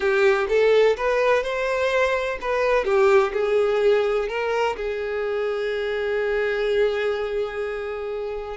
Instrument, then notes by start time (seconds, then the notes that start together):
violin
0.00 G4
0.48 A4
0.96 B4
1.43 C5
2.41 B4
2.84 G4
3.33 G#4
4.28 A#4
4.76 G#4